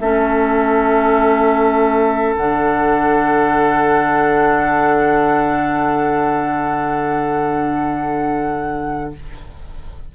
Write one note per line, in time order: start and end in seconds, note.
0.00 2.35 A3
0.00 2.37 C#4
0.00 9.13 A4
0.00 2.36 E5
2.36 9.13 D3
2.36 9.15 D4
2.36 9.13 F#5